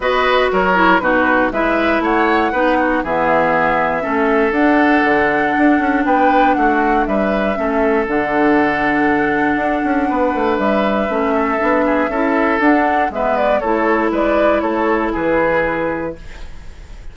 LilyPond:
<<
  \new Staff \with { instrumentName = "flute" } { \time 4/4 \tempo 4 = 119 dis''4 cis''4 b'4 e''4 | fis''2 e''2~ | e''4 fis''2. | g''4 fis''4 e''2 |
fis''1~ | fis''4 e''2.~ | e''4 fis''4 e''8 d''8 cis''4 | d''4 cis''4 b'2 | }
  \new Staff \with { instrumentName = "oboe" } { \time 4/4 b'4 ais'4 fis'4 b'4 | cis''4 b'8 fis'8 gis'2 | a'1 | b'4 fis'4 b'4 a'4~ |
a'1 | b'2~ b'8 a'4 gis'8 | a'2 b'4 a'4 | b'4 a'4 gis'2 | }
  \new Staff \with { instrumentName = "clarinet" } { \time 4/4 fis'4. e'8 dis'4 e'4~ | e'4 dis'4 b2 | cis'4 d'2.~ | d'2. cis'4 |
d'1~ | d'2 cis'4 d'4 | e'4 d'4 b4 e'4~ | e'1 | }
  \new Staff \with { instrumentName = "bassoon" } { \time 4/4 b4 fis4 b,4 gis4 | a4 b4 e2 | a4 d'4 d4 d'8 cis'8 | b4 a4 g4 a4 |
d2. d'8 cis'8 | b8 a8 g4 a4 b4 | cis'4 d'4 gis4 a4 | gis4 a4 e2 | }
>>